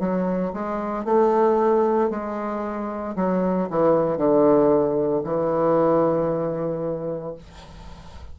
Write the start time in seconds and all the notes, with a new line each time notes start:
0.00 F#3
0.53 G#3
1.05 A3
2.10 G#3
3.16 F#3
3.70 E3
4.17 D3
5.24 E3